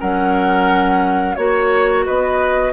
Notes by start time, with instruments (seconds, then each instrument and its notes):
0.00 bassoon F#3, clarinet C#4, oboe A#4, flute F#5
1.35 bassoon A#3, clarinet F#4, flute C#5, oboe C#5
2.06 bassoon B3, oboe B4, flute D#5